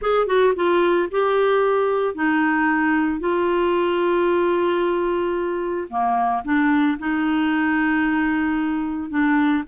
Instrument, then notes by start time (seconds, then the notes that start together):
clarinet
0.01 G#4
0.26 F#4
0.55 F4
1.11 G4
2.14 D#4
3.20 F4
5.89 A#3
6.44 D4
6.98 D#4
9.09 D4